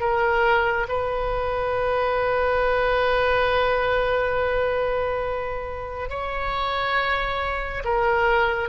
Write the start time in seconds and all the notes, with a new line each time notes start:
0.00 A#4
0.89 B4
6.10 C#5
7.85 A#4